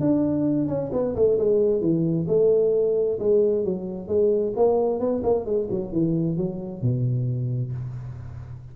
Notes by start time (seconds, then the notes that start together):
0.00 D4
0.68 C#4
0.92 B3
1.15 A3
1.38 G#3
1.81 E3
2.28 A3
3.19 G#3
3.65 F#3
4.08 G#3
4.56 A#3
5.00 B3
5.23 A#3
5.45 G#3
5.71 F#3
5.92 E3
6.37 F#3
6.82 B2